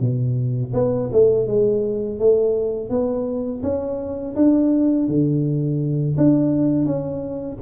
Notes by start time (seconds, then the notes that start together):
0.00 B2
0.74 B3
1.12 A3
1.48 G#3
2.19 A3
2.90 B3
3.63 C#4
4.36 D4
5.08 D3
6.17 D4
6.86 C#4